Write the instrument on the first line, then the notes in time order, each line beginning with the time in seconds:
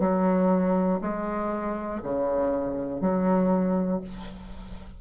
bassoon
0.00 F#3
1.01 G#3
2.03 C#3
3.01 F#3